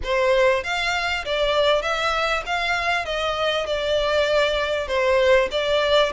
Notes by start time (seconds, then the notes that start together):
0.03 C5
0.63 F5
1.25 D5
1.82 E5
2.45 F5
3.05 D#5
3.66 D5
4.87 C5
5.51 D5